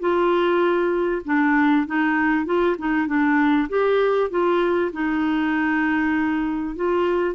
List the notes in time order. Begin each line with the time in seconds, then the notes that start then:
0.00 F4
1.26 D4
1.87 D#4
2.46 F4
2.78 D#4
3.07 D4
3.69 G4
4.31 F4
4.93 D#4
6.76 F4